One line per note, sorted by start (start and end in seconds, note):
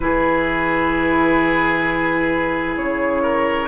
0.00 2.77 E3
0.00 3.68 E4
0.00 3.22 G#4
0.00 2.75 B4
2.76 3.68 C#3
2.76 3.68 C#5
3.22 3.68 A#4